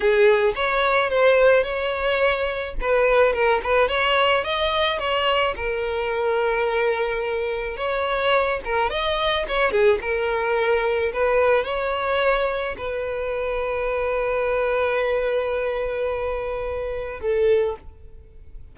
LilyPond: \new Staff \with { instrumentName = "violin" } { \time 4/4 \tempo 4 = 108 gis'4 cis''4 c''4 cis''4~ | cis''4 b'4 ais'8 b'8 cis''4 | dis''4 cis''4 ais'2~ | ais'2 cis''4. ais'8 |
dis''4 cis''8 gis'8 ais'2 | b'4 cis''2 b'4~ | b'1~ | b'2. a'4 | }